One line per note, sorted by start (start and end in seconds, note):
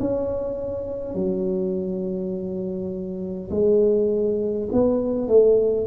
0.00 1.14 C#4
1.14 3.50 F#3
3.51 4.68 G#3
4.72 5.28 B3
5.28 5.87 A3